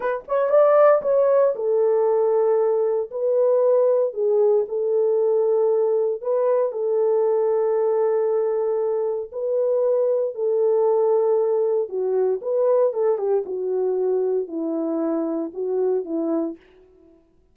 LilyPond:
\new Staff \with { instrumentName = "horn" } { \time 4/4 \tempo 4 = 116 b'8 cis''8 d''4 cis''4 a'4~ | a'2 b'2 | gis'4 a'2. | b'4 a'2.~ |
a'2 b'2 | a'2. fis'4 | b'4 a'8 g'8 fis'2 | e'2 fis'4 e'4 | }